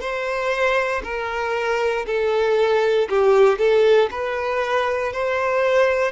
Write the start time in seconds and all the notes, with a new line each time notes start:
0.00 C5
1.04 A#4
2.06 A4
3.09 G4
3.58 A4
4.10 B4
5.13 C5